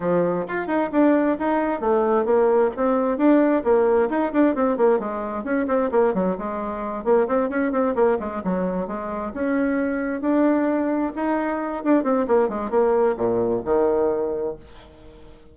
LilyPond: \new Staff \with { instrumentName = "bassoon" } { \time 4/4 \tempo 4 = 132 f4 f'8 dis'8 d'4 dis'4 | a4 ais4 c'4 d'4 | ais4 dis'8 d'8 c'8 ais8 gis4 | cis'8 c'8 ais8 fis8 gis4. ais8 |
c'8 cis'8 c'8 ais8 gis8 fis4 gis8~ | gis8 cis'2 d'4.~ | d'8 dis'4. d'8 c'8 ais8 gis8 | ais4 ais,4 dis2 | }